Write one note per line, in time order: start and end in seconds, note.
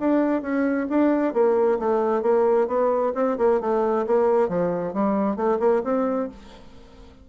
0.00 0.42 D4
0.42 0.87 C#4
0.89 1.33 D4
1.33 1.79 A#3
1.79 2.22 A3
2.22 2.67 A#3
2.67 3.13 B3
3.15 3.37 C4
3.38 3.61 A#3
3.61 4.06 A3
4.07 4.49 A#3
4.49 4.94 F3
4.94 5.36 G3
5.36 5.59 A3
5.60 5.82 A#3
5.84 6.29 C4